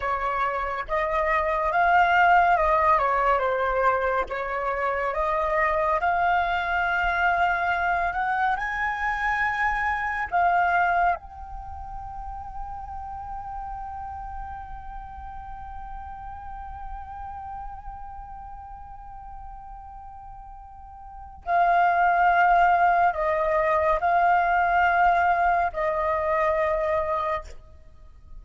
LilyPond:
\new Staff \with { instrumentName = "flute" } { \time 4/4 \tempo 4 = 70 cis''4 dis''4 f''4 dis''8 cis''8 | c''4 cis''4 dis''4 f''4~ | f''4. fis''8 gis''2 | f''4 g''2.~ |
g''1~ | g''1~ | g''4 f''2 dis''4 | f''2 dis''2 | }